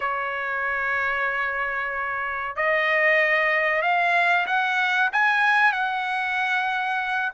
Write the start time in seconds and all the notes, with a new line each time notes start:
0.00 C#5
2.56 D#5
3.82 F5
4.46 F#5
5.12 G#5
5.72 F#5